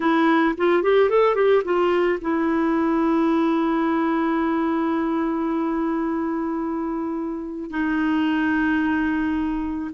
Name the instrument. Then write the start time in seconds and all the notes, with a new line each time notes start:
clarinet
0.00 E4
0.57 F4
0.82 G4
1.09 A4
1.35 G4
1.64 F4
2.21 E4
7.70 D#4